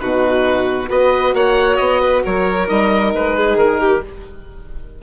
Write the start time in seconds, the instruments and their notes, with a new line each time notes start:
0.00 bassoon B2, horn D#4, violin F#4, oboe B4
0.89 bassoon B3, horn F#4, violin B4, oboe D#5
1.34 bassoon A#3, violin C#5, oboe F#5
1.77 bassoon B3, oboe D#5
2.01 violin B4
2.25 bassoon F#3, violin A#4, oboe C#5
2.67 bassoon G3, horn D#4, oboe D#5
3.14 bassoon G#3, oboe B4
3.37 violin G#4
3.57 bassoon D#3, oboe A#4
3.81 violin G4